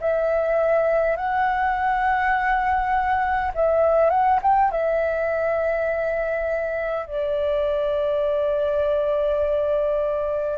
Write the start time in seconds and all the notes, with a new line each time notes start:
0.00 E5
1.16 F#5
3.54 E5
4.10 F#5
4.42 G5
4.71 E5
7.06 D5